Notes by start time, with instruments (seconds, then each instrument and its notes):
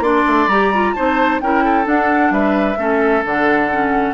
0.00 bassoon A#3, clarinet D4, oboe D5, flute C6
0.27 bassoon A3
0.48 bassoon G3, clarinet G4, flute A#5
0.74 clarinet F4
0.94 bassoon C4, clarinet D#4, oboe C5, flute A5
1.41 bassoon C#4, clarinet E4, oboe A#4, flute G5
1.64 oboe A4
1.85 clarinet D4, bassoon D4, flute F#5
2.31 bassoon G3, oboe B4, flute E5
2.77 bassoon A3, clarinet C#4, oboe A4
3.25 bassoon D3, clarinet D4, flute F#5
3.71 clarinet C#4